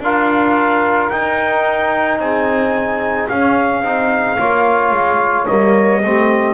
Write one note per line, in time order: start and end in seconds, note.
0.00 1.09 D4
0.00 1.12 F4
0.00 2.20 A#4
0.00 1.10 F5
1.10 3.30 D#4
1.10 2.19 D#4
1.10 2.19 G5
2.19 3.28 C4
2.19 4.38 G#4
2.19 3.29 G#5
3.29 3.82 C#4
3.29 3.84 C#4
3.29 5.47 F5
3.82 4.37 C4
3.82 4.38 D#4
4.38 4.92 A#3
4.38 5.48 F4
4.38 6.02 C#5
4.92 5.46 G#3
5.47 6.04 G3
5.47 6.02 A#3
5.47 6.54 D#5
6.02 6.54 A3
6.02 6.54 C4
6.02 6.54 G4